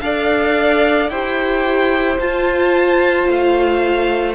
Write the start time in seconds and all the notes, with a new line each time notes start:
0.00 D4 A4 D5 F5
1.09 E4 G4 C5 G5
2.19 F4 A5
3.28 A3 F5